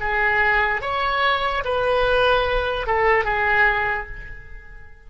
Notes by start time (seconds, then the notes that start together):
0.00 G#4
0.81 C#5
1.64 B4
2.86 A4
3.24 G#4